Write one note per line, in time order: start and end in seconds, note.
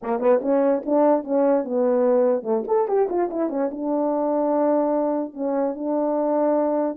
0.02 0.20 A#3
0.20 0.40 B3
0.41 0.83 C#4
0.85 1.23 D4
1.23 1.64 C#4
1.64 2.42 B3
2.42 2.63 A3
2.67 2.87 A4
2.87 3.08 G4
3.09 3.29 F4
3.30 3.49 E4
3.49 3.70 C#4
3.71 5.33 D4
5.33 5.74 C#4
5.74 6.96 D4